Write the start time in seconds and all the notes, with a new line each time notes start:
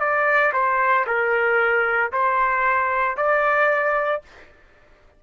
0.00 D5
0.53 C5
1.07 A#4
2.12 C5
3.17 D5